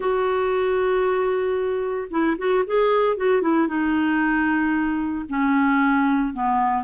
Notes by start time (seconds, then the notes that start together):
0.00 F#4
2.10 E4
2.38 F#4
2.66 G#4
3.17 F#4
3.41 E4
3.67 D#4
5.28 C#4
6.33 B3